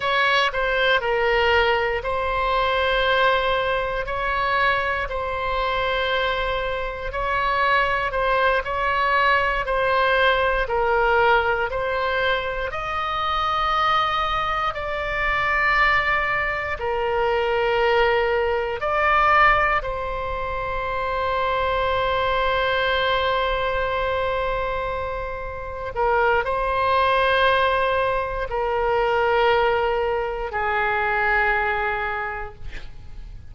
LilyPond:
\new Staff \with { instrumentName = "oboe" } { \time 4/4 \tempo 4 = 59 cis''8 c''8 ais'4 c''2 | cis''4 c''2 cis''4 | c''8 cis''4 c''4 ais'4 c''8~ | c''8 dis''2 d''4.~ |
d''8 ais'2 d''4 c''8~ | c''1~ | c''4. ais'8 c''2 | ais'2 gis'2 | }